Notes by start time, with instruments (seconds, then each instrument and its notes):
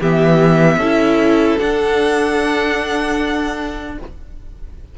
0.00 cello E3, viola B3, violin G4 E5
0.77 cello C#4, viola E4, violin A4
1.59 viola D4, cello D4, violin F#5